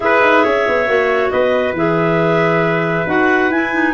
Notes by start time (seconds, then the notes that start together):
0.00 E4 G#4 B4 E5
0.21 D#4
0.43 C#4 C#5
0.68 B3
0.86 A#3 F#4
1.30 B3 B4 D#5
1.72 E3 G#4 E5
3.06 D#4 F#4 F#5
3.49 E4 G#5
3.73 D#4